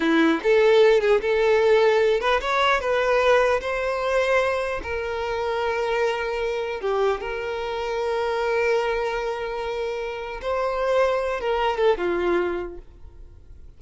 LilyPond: \new Staff \with { instrumentName = "violin" } { \time 4/4 \tempo 4 = 150 e'4 a'4. gis'8 a'4~ | a'4. b'8 cis''4 b'4~ | b'4 c''2. | ais'1~ |
ais'4 g'4 ais'2~ | ais'1~ | ais'2 c''2~ | c''8 ais'4 a'8 f'2 | }